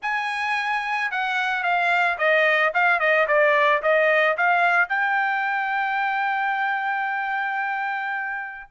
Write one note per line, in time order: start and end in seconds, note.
0.02 1.11 G#5
1.11 1.63 F#5
1.63 2.17 F5
2.18 2.72 D#5
2.73 2.99 F5
2.99 3.27 D#5
3.27 3.82 D5
3.82 4.36 D#5
4.37 4.88 F5
4.88 8.70 G5